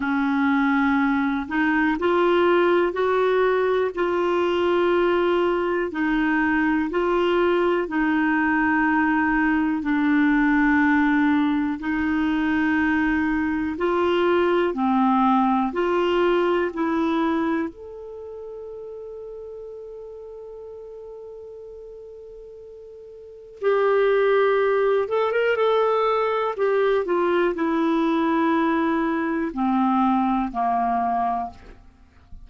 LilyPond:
\new Staff \with { instrumentName = "clarinet" } { \time 4/4 \tempo 4 = 61 cis'4. dis'8 f'4 fis'4 | f'2 dis'4 f'4 | dis'2 d'2 | dis'2 f'4 c'4 |
f'4 e'4 a'2~ | a'1 | g'4. a'16 ais'16 a'4 g'8 f'8 | e'2 c'4 ais4 | }